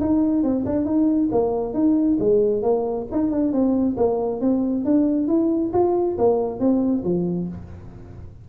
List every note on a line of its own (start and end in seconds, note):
0.00 0.43 D#4
0.43 0.65 C4
0.65 0.85 D4
0.85 1.29 D#4
1.31 1.73 A#3
1.73 2.17 D#4
2.19 2.62 G#3
2.62 3.06 A#3
3.11 3.30 D#4
3.30 3.52 D4
3.52 3.96 C4
3.97 4.40 A#3
4.40 4.84 C4
4.84 5.27 D4
5.27 5.71 E4
5.73 6.17 F4
6.17 6.59 A#3
6.59 7.03 C4
7.03 7.48 F3